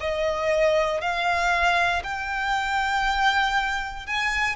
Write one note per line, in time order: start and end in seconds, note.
0.00 1.01 D#5
1.01 2.02 F5
2.03 4.06 G5
4.06 4.56 G#5